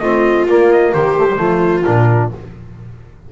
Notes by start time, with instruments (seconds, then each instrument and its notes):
0.00 double bass A3, trombone C4, viola F4, trumpet D#5
0.47 double bass A#3, trombone A#3, trumpet D5
0.72 trumpet D#5
0.93 double bass D#3, viola G4, trumpet C5
1.17 trombone A3
1.30 trombone G3
1.37 double bass F3, trombone A3, viola F4
1.84 double bass A#2, trombone D4, trumpet A#4